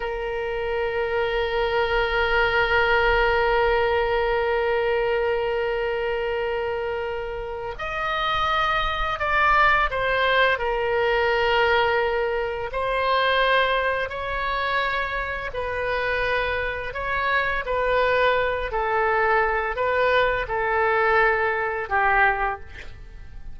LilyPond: \new Staff \with { instrumentName = "oboe" } { \time 4/4 \tempo 4 = 85 ais'1~ | ais'1~ | ais'2. dis''4~ | dis''4 d''4 c''4 ais'4~ |
ais'2 c''2 | cis''2 b'2 | cis''4 b'4. a'4. | b'4 a'2 g'4 | }